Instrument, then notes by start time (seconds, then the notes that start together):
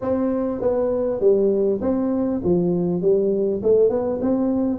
tuba
0.01 C4
0.61 B3
1.20 G3
1.81 C4
2.44 F3
3.01 G3
3.62 A3
3.89 B3
4.21 C4